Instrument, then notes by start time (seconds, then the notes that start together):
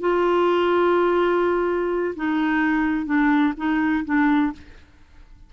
clarinet
0.00 F4
2.16 D#4
3.06 D4
3.57 D#4
4.05 D4